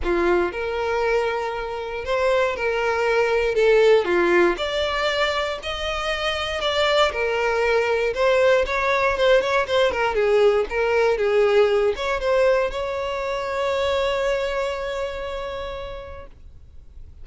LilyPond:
\new Staff \with { instrumentName = "violin" } { \time 4/4 \tempo 4 = 118 f'4 ais'2. | c''4 ais'2 a'4 | f'4 d''2 dis''4~ | dis''4 d''4 ais'2 |
c''4 cis''4 c''8 cis''8 c''8 ais'8 | gis'4 ais'4 gis'4. cis''8 | c''4 cis''2.~ | cis''1 | }